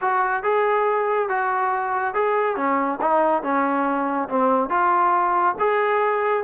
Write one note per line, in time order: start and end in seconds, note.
0.01 0.43 F#4
0.43 1.28 G#4
1.28 2.14 F#4
2.14 2.56 G#4
2.56 2.99 C#4
3.01 3.42 D#4
3.42 4.28 C#4
4.29 4.69 C4
4.69 5.55 F4
5.59 6.43 G#4